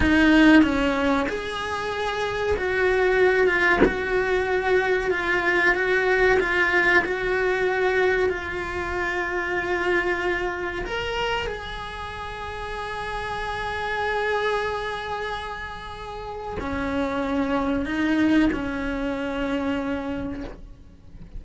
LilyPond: \new Staff \with { instrumentName = "cello" } { \time 4/4 \tempo 4 = 94 dis'4 cis'4 gis'2 | fis'4. f'8 fis'2 | f'4 fis'4 f'4 fis'4~ | fis'4 f'2.~ |
f'4 ais'4 gis'2~ | gis'1~ | gis'2 cis'2 | dis'4 cis'2. | }